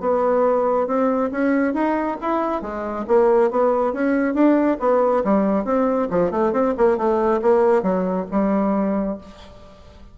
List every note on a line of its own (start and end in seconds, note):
0.00 0.87 B3
0.87 1.30 C4
1.31 1.74 C#4
1.74 2.17 D#4
2.21 2.62 E4
2.62 3.05 G#3
3.07 3.51 A#3
3.51 3.93 B3
3.93 4.34 C#4
4.34 4.77 D4
4.80 5.23 B3
5.24 5.65 G3
5.65 6.08 C4
6.10 6.31 F3
6.31 6.52 A3
6.52 6.74 C4
6.77 6.97 A#3
6.97 7.41 A3
7.42 7.82 A#3
7.82 8.26 F#3
8.31 9.18 G3